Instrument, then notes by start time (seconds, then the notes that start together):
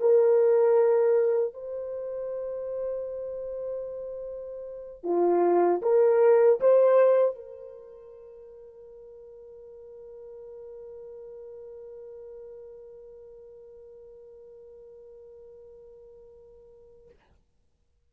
horn
0.00 A#4
1.54 C5
5.03 F4
5.82 A#4
6.60 C5
7.35 A#4